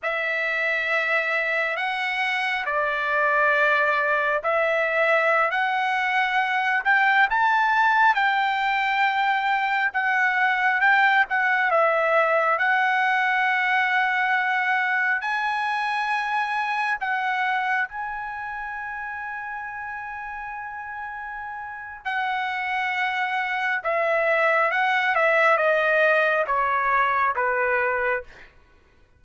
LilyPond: \new Staff \with { instrumentName = "trumpet" } { \time 4/4 \tempo 4 = 68 e''2 fis''4 d''4~ | d''4 e''4~ e''16 fis''4. g''16~ | g''16 a''4 g''2 fis''8.~ | fis''16 g''8 fis''8 e''4 fis''4.~ fis''16~ |
fis''4~ fis''16 gis''2 fis''8.~ | fis''16 gis''2.~ gis''8.~ | gis''4 fis''2 e''4 | fis''8 e''8 dis''4 cis''4 b'4 | }